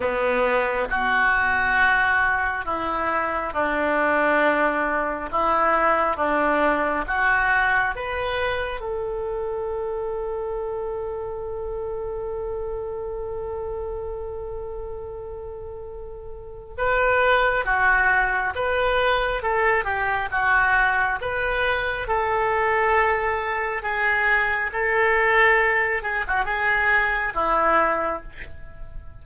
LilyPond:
\new Staff \with { instrumentName = "oboe" } { \time 4/4 \tempo 4 = 68 b4 fis'2 e'4 | d'2 e'4 d'4 | fis'4 b'4 a'2~ | a'1~ |
a'2. b'4 | fis'4 b'4 a'8 g'8 fis'4 | b'4 a'2 gis'4 | a'4. gis'16 fis'16 gis'4 e'4 | }